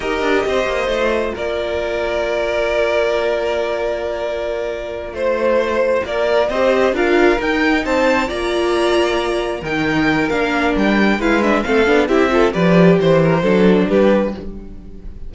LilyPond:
<<
  \new Staff \with { instrumentName = "violin" } { \time 4/4 \tempo 4 = 134 dis''2. d''4~ | d''1~ | d''2.~ d''8 c''8~ | c''4. d''4 dis''4 f''8~ |
f''8 g''4 a''4 ais''4.~ | ais''4. g''4. f''4 | g''4 f''8 e''8 f''4 e''4 | d''4 c''2 b'4 | }
  \new Staff \with { instrumentName = "violin" } { \time 4/4 ais'4 c''2 ais'4~ | ais'1~ | ais'2.~ ais'8 c''8~ | c''4. ais'4 c''4 ais'8~ |
ais'4. c''4 d''4.~ | d''4. ais'2~ ais'8~ | ais'4 b'4 a'4 g'8 a'8 | b'4 c''8 ais'8 a'4 g'4 | }
  \new Staff \with { instrumentName = "viola" } { \time 4/4 g'2 f'2~ | f'1~ | f'1~ | f'2~ f'8 g'4 f'8~ |
f'8 dis'2 f'4.~ | f'4. dis'4. d'4~ | d'4 e'8 d'8 c'8 d'8 e'8 f'8 | g'2 d'2 | }
  \new Staff \with { instrumentName = "cello" } { \time 4/4 dis'8 d'8 c'8 ais8 a4 ais4~ | ais1~ | ais2.~ ais8 a8~ | a4. ais4 c'4 d'8~ |
d'8 dis'4 c'4 ais4.~ | ais4. dis4. ais4 | g4 gis4 a8 b8 c'4 | f4 e4 fis4 g4 | }
>>